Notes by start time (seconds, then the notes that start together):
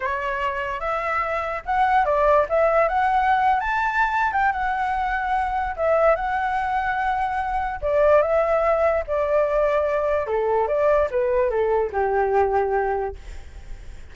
0.00 C#5
0.80 E5
1.65 F#5
2.05 D5
2.49 E5
2.88 F#5
3.59 A5
4.32 G5
4.52 F#5
5.76 E5
6.15 F#5
7.81 D5
8.21 E5
9.07 D5
10.26 A4
10.67 D5
11.10 B4
11.50 A4
11.92 G4